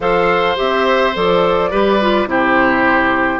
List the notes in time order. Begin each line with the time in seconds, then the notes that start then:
0.00 F3 A4 C5 F5
0.56 C4 G4 E5
1.14 F3 A4 D5
1.70 G3 G4 B4
2.00 F4
2.26 C3 E4 G4 C5